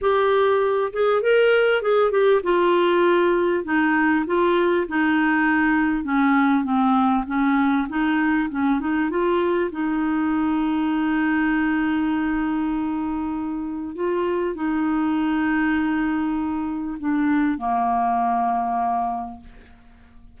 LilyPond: \new Staff \with { instrumentName = "clarinet" } { \time 4/4 \tempo 4 = 99 g'4. gis'8 ais'4 gis'8 g'8 | f'2 dis'4 f'4 | dis'2 cis'4 c'4 | cis'4 dis'4 cis'8 dis'8 f'4 |
dis'1~ | dis'2. f'4 | dis'1 | d'4 ais2. | }